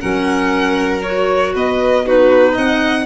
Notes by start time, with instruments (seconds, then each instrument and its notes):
0.00 tuba F#3, clarinet C#4, violin A#4 F#5
1.03 clarinet F#4, violin C#5
1.55 tuba B3, violin B4 D#5
2.05 clarinet D#4, violin F#4 B4
2.53 tuba C4, violin D#5 F#5